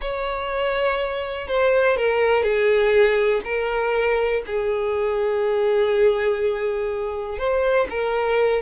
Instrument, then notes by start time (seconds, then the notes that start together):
violin
0.01 C#5
1.47 C5
1.96 A#4
2.43 G#4
3.44 A#4
4.46 G#4
7.38 C5
7.90 A#4